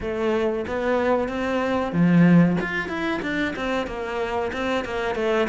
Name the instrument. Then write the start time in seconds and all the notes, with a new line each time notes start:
cello
0.01 A3
0.67 B3
1.28 C4
1.92 F3
2.60 F4
2.88 E4
3.22 D4
3.55 C4
3.87 A#3
4.52 C4
4.84 A#3
5.15 A3